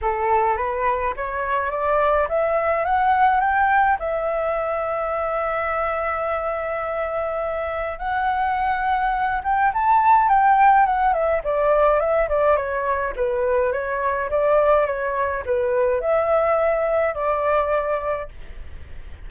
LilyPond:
\new Staff \with { instrumentName = "flute" } { \time 4/4 \tempo 4 = 105 a'4 b'4 cis''4 d''4 | e''4 fis''4 g''4 e''4~ | e''1~ | e''2 fis''2~ |
fis''8 g''8 a''4 g''4 fis''8 e''8 | d''4 e''8 d''8 cis''4 b'4 | cis''4 d''4 cis''4 b'4 | e''2 d''2 | }